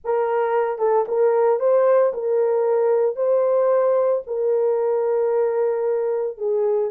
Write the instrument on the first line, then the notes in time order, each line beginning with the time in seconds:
horn
0.04 A#4
0.78 A4
1.08 A#4
1.59 C5
2.13 A#4
3.16 C5
4.26 A#4
6.37 G#4